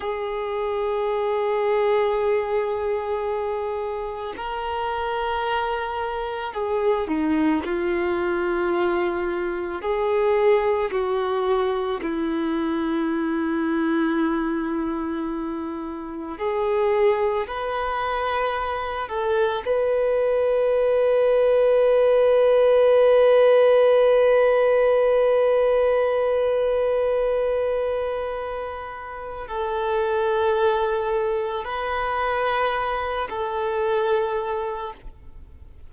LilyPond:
\new Staff \with { instrumentName = "violin" } { \time 4/4 \tempo 4 = 55 gis'1 | ais'2 gis'8 dis'8 f'4~ | f'4 gis'4 fis'4 e'4~ | e'2. gis'4 |
b'4. a'8 b'2~ | b'1~ | b'2. a'4~ | a'4 b'4. a'4. | }